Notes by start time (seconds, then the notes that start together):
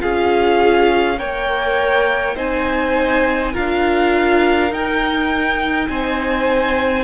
0.00 C#4 F4 G#4 F5
1.18 A#3 A#4 C#5 G5
2.36 C4 D#4 C5 G#5
3.53 D4 F4 A#4 F5
4.71 D#4 G5
5.88 C4 C5 G#5